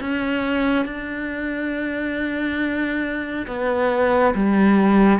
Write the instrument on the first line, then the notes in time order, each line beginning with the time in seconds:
cello
0.00 C#4
0.85 D4
3.47 B3
4.35 G3